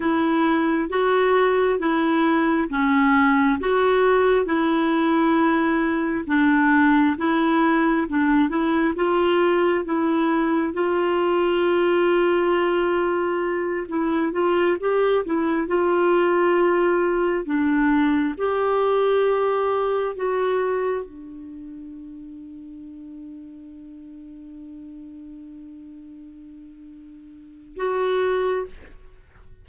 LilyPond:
\new Staff \with { instrumentName = "clarinet" } { \time 4/4 \tempo 4 = 67 e'4 fis'4 e'4 cis'4 | fis'4 e'2 d'4 | e'4 d'8 e'8 f'4 e'4 | f'2.~ f'8 e'8 |
f'8 g'8 e'8 f'2 d'8~ | d'8 g'2 fis'4 d'8~ | d'1~ | d'2. fis'4 | }